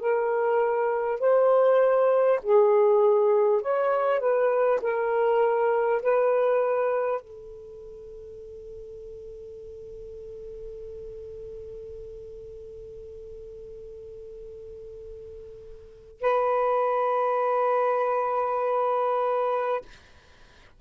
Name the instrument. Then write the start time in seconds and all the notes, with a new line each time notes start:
saxophone
0.00 A#4
1.19 C5
2.43 G#4
3.61 C#5
4.19 B4
4.81 A#4
6.02 B4
7.21 A4
16.21 B4